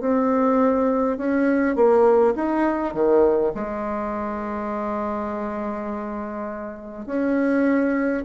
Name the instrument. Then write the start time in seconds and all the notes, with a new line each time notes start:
bassoon
0.00 C4
1.17 C#4
1.75 A#3
2.35 D#4
2.94 D#3
3.54 G#3
7.06 C#4